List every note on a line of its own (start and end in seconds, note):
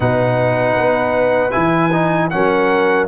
0.00 0.76 B2
0.00 1.51 D#4
0.00 2.30 B4
0.00 1.51 F#5
0.76 1.53 B3
1.51 2.32 E3
1.51 1.89 E4
1.51 2.28 G#5
1.92 2.30 D#4
2.30 3.08 F#3
2.30 3.08 C#4
2.30 3.08 A#4
2.30 3.07 F#5